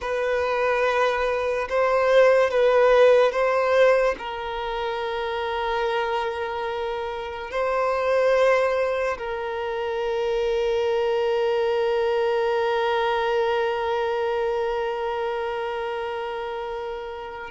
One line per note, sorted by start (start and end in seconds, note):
0.01 1.67 B4
1.69 2.50 C5
2.50 3.31 B4
3.31 4.15 C5
4.18 7.50 A#4
7.50 9.17 C5
9.17 17.50 A#4